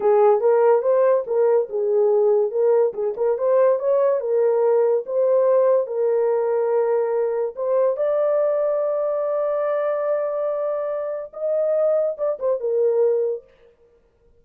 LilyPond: \new Staff \with { instrumentName = "horn" } { \time 4/4 \tempo 4 = 143 gis'4 ais'4 c''4 ais'4 | gis'2 ais'4 gis'8 ais'8 | c''4 cis''4 ais'2 | c''2 ais'2~ |
ais'2 c''4 d''4~ | d''1~ | d''2. dis''4~ | dis''4 d''8 c''8 ais'2 | }